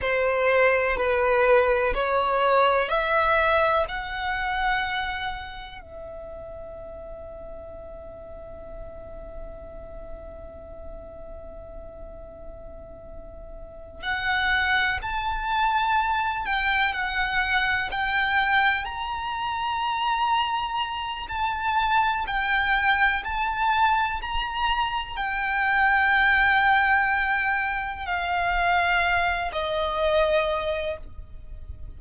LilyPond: \new Staff \with { instrumentName = "violin" } { \time 4/4 \tempo 4 = 62 c''4 b'4 cis''4 e''4 | fis''2 e''2~ | e''1~ | e''2~ e''8 fis''4 a''8~ |
a''4 g''8 fis''4 g''4 ais''8~ | ais''2 a''4 g''4 | a''4 ais''4 g''2~ | g''4 f''4. dis''4. | }